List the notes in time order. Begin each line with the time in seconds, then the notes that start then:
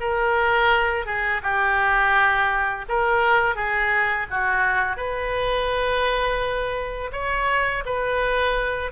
0.00 A#4
1.06 G#4
1.42 G4
2.89 A#4
3.55 G#4
4.30 F#4
4.96 B4
7.12 C#5
7.85 B4